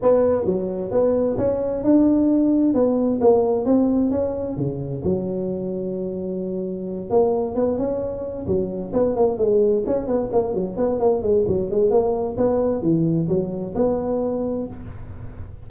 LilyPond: \new Staff \with { instrumentName = "tuba" } { \time 4/4 \tempo 4 = 131 b4 fis4 b4 cis'4 | d'2 b4 ais4 | c'4 cis'4 cis4 fis4~ | fis2.~ fis8 ais8~ |
ais8 b8 cis'4. fis4 b8 | ais8 gis4 cis'8 b8 ais8 fis8 b8 | ais8 gis8 fis8 gis8 ais4 b4 | e4 fis4 b2 | }